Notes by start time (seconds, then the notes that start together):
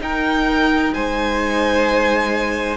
0.00 D#4 A#4 G5
0.93 G#3 C5 G#5